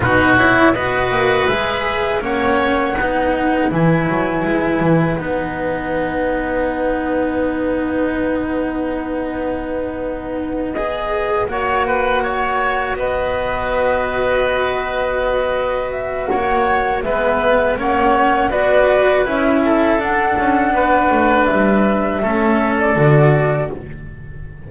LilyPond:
<<
  \new Staff \with { instrumentName = "flute" } { \time 4/4 \tempo 4 = 81 b'8 cis''8 dis''4 e''4 fis''4~ | fis''4 gis''2 fis''4~ | fis''1~ | fis''2~ fis''8 dis''4 fis''8~ |
fis''4. dis''2~ dis''8~ | dis''4. e''8 fis''4 e''4 | fis''4 d''4 e''4 fis''4~ | fis''4 e''4.~ e''16 d''4~ d''16 | }
  \new Staff \with { instrumentName = "oboe" } { \time 4/4 fis'4 b'2 cis''4 | b'1~ | b'1~ | b'2.~ b'8 cis''8 |
b'8 cis''4 b'2~ b'8~ | b'2 cis''4 b'4 | cis''4 b'4. a'4. | b'2 a'2 | }
  \new Staff \with { instrumentName = "cello" } { \time 4/4 dis'8 e'8 fis'4 gis'4 cis'4 | dis'4 e'2 dis'4~ | dis'1~ | dis'2~ dis'8 gis'4 fis'8~ |
fis'1~ | fis'2. b4 | cis'4 fis'4 e'4 d'4~ | d'2 cis'4 fis'4 | }
  \new Staff \with { instrumentName = "double bass" } { \time 4/4 b,4 b8 ais8 gis4 ais4 | b4 e8 fis8 gis8 e8 b4~ | b1~ | b2.~ b8 ais8~ |
ais4. b2~ b8~ | b2 ais4 gis4 | ais4 b4 cis'4 d'8 cis'8 | b8 a8 g4 a4 d4 | }
>>